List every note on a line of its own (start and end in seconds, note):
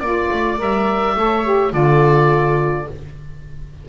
0.00 0.30 A#3
0.00 0.57 F4
0.00 0.58 D5
0.00 1.16 D5
0.31 0.60 A3
0.57 1.16 G3
0.57 1.15 A#4
0.57 1.73 E5
1.16 1.73 A3
1.16 1.44 A4
1.16 1.73 C#5
1.44 1.71 G4
1.71 2.88 D3
1.71 2.86 F4
1.71 2.88 A4
1.71 2.89 D5